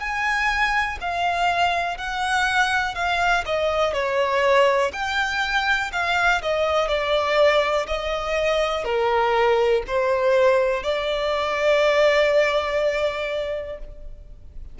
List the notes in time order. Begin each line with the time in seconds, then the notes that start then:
0.00 G#5
1.01 F5
1.98 F#5
2.95 F5
3.46 D#5
3.93 C#5
4.93 G5
5.92 F5
6.42 D#5
6.88 D5
7.87 D#5
8.84 A#4
9.87 C5
10.83 D5